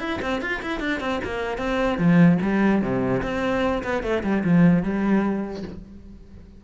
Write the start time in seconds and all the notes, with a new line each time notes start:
0.00 E4
0.22 C4
0.42 F4
0.63 E4
0.80 D4
1.00 C4
1.25 A#3
1.58 C4
1.99 F3
2.42 G3
2.82 C3
3.23 C4
3.84 B3
4.03 A3
4.24 G3
4.45 F3
4.84 G3